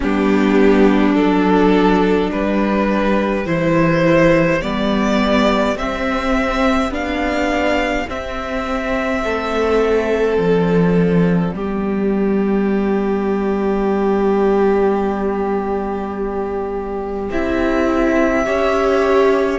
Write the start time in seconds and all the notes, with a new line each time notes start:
0.00 G3 B3 D4 G4
1.14 F#3 D4 A4
2.30 G3 G4 B4
3.45 E3 E4 C5
4.61 G3 B3 D5
5.75 C4 E5
6.89 B3 D4 F5
8.07 C4 E5
9.23 A3 A4
10.37 F3 D5
11.52 G3 B3 G4
17.31 C4 E4 E5
18.44 C#4 G4 C#5